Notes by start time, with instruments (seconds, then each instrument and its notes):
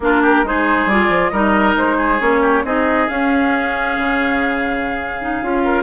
0.00 bassoon A#3, clarinet D4, oboe F4, flute A#4
0.21 oboe G4
0.43 bassoon G#3, clarinet D#4, oboe G#4, flute C5
0.85 bassoon G3, clarinet F4, flute D5
1.08 bassoon F3
1.29 bassoon G3, clarinet D#4, oboe A#4, flute D#5
1.75 bassoon G#3, flute C5
1.96 oboe G#4
2.19 bassoon A#3, clarinet C#4, flute C#5
2.41 oboe G4
2.64 bassoon C4, clarinet D#4, oboe G#4, flute D#5
3.08 clarinet C#4, bassoon C#4, flute F5
3.98 bassoon C#3
5.20 clarinet D#4
5.42 bassoon C#4, clarinet F4
5.64 oboe A#4